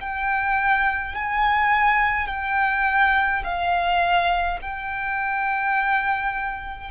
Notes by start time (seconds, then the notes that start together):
0.00 G5
1.15 G#5
2.28 G5
3.44 F5
4.62 G5